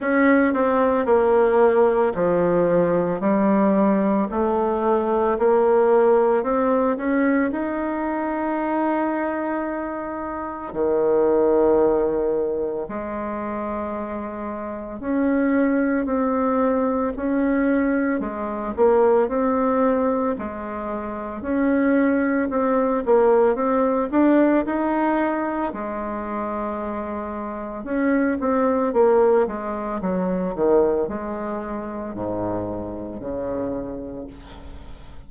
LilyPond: \new Staff \with { instrumentName = "bassoon" } { \time 4/4 \tempo 4 = 56 cis'8 c'8 ais4 f4 g4 | a4 ais4 c'8 cis'8 dis'4~ | dis'2 dis2 | gis2 cis'4 c'4 |
cis'4 gis8 ais8 c'4 gis4 | cis'4 c'8 ais8 c'8 d'8 dis'4 | gis2 cis'8 c'8 ais8 gis8 | fis8 dis8 gis4 gis,4 cis4 | }